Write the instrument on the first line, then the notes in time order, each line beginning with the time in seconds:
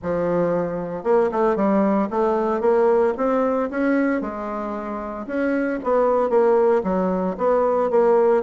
bassoon
0.02 F3
1.03 A#3
1.31 A3
1.56 G3
2.10 A3
2.61 A#3
3.17 C4
3.70 C#4
4.21 G#3
5.26 C#4
5.83 B3
6.29 A#3
6.83 F#3
7.37 B3
7.90 A#3